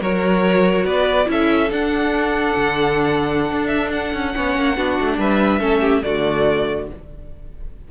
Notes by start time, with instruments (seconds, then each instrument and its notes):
0.00 cello F#3, viola F#4, violin A#4 C#5
0.85 cello B3, violin B4 D5
1.25 cello C#4, viola E4, violin A4 E5
1.70 cello D4, viola D4, violin F#5
2.56 cello D3
3.51 cello D4
3.67 violin E5
3.92 violin F#5
4.13 cello C#4
4.34 cello B3, viola C#4, violin C#5
4.56 cello A#3
4.76 cello B3, viola D4, violin F#4
5.00 cello A3
5.18 cello G3, violin B4 E5
5.60 cello A3, viola C#4, violin A4
5.80 violin G4
6.03 cello D3, viola A3, violin F#4 D5